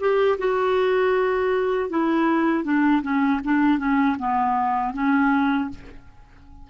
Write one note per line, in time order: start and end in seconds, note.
0.00 0.38 G4
0.38 1.89 F#4
1.89 2.64 E4
2.64 3.02 D4
3.02 3.40 C#4
3.44 3.78 D4
3.78 4.16 C#4
4.18 4.93 B3
4.93 5.69 C#4